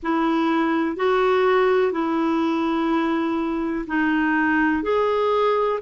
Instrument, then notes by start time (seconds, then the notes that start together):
clarinet
0.02 E4
0.96 F#4
1.91 E4
3.87 D#4
4.83 G#4